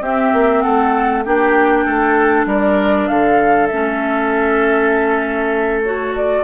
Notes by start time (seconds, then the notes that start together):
0.00 C4 G4 E5
0.33 A#3
0.62 A3 A4 F#5
1.24 A#3 D4 G4 G5
1.85 A3 A4
2.45 G3 A#4 D5
3.07 D3 A4 F5
3.67 A3 C#4 E5
5.83 F#4 C#5
6.15 D5